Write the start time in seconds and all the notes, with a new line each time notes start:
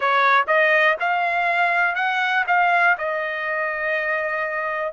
0.00 C#5
0.46 D#5
1.00 F5
1.94 F#5
2.47 F5
2.98 D#5